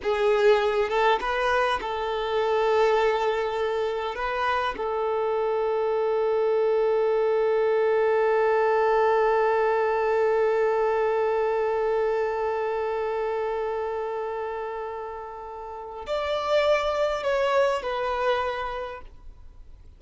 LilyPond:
\new Staff \with { instrumentName = "violin" } { \time 4/4 \tempo 4 = 101 gis'4. a'8 b'4 a'4~ | a'2. b'4 | a'1~ | a'1~ |
a'1~ | a'1~ | a'2. d''4~ | d''4 cis''4 b'2 | }